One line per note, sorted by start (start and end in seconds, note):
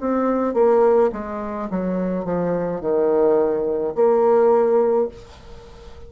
0.00 0.54 C4
0.54 1.10 A#3
1.12 1.69 G#3
1.70 2.24 F#3
2.24 2.80 F3
2.80 3.94 D#3
3.95 5.08 A#3